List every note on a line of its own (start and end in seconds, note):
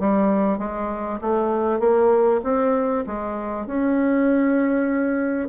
0.00 0.59 G3
0.59 1.20 G#3
1.22 1.80 A3
1.80 2.41 A#3
2.44 3.05 C4
3.07 3.67 G#3
3.67 5.49 C#4